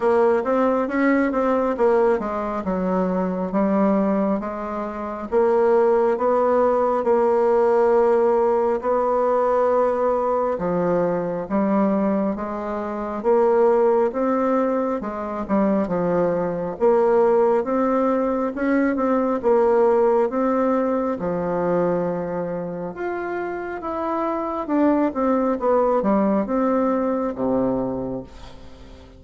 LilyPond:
\new Staff \with { instrumentName = "bassoon" } { \time 4/4 \tempo 4 = 68 ais8 c'8 cis'8 c'8 ais8 gis8 fis4 | g4 gis4 ais4 b4 | ais2 b2 | f4 g4 gis4 ais4 |
c'4 gis8 g8 f4 ais4 | c'4 cis'8 c'8 ais4 c'4 | f2 f'4 e'4 | d'8 c'8 b8 g8 c'4 c4 | }